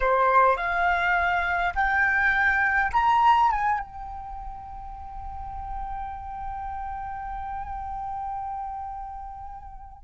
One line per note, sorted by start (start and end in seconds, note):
0.00 0.57 C5
0.57 1.73 F5
1.75 2.91 G5
2.92 3.51 A#5
3.51 3.79 G#5
3.79 10.04 G5